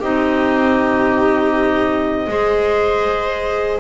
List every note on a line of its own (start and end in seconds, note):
0.00 2.28 C4
0.00 2.29 D#4
0.00 2.28 G4
0.00 3.80 D#5
2.28 3.80 G#3
2.28 3.80 G#4
2.28 3.80 C5